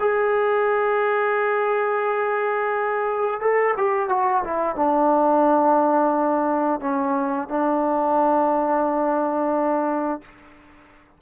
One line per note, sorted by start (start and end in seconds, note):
0.00 3.41 G#4
3.41 3.75 A4
3.77 4.09 G4
4.09 4.43 F#4
4.44 4.76 E4
4.76 6.81 D4
6.81 7.49 C#4
7.49 10.21 D4